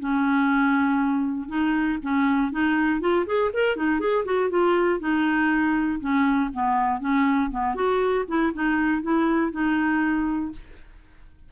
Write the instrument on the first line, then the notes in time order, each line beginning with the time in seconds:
clarinet
0.00 C#4
1.49 D#4
2.03 C#4
2.52 D#4
3.01 F4
3.26 G#4
3.54 A#4
3.77 D#4
4.00 G#4
4.25 F#4
4.50 F4
5.00 D#4
6.00 C#4
6.54 B3
7.00 C#4
7.51 B3
7.75 F#4
8.28 E4
8.54 D#4
9.02 E4
9.52 D#4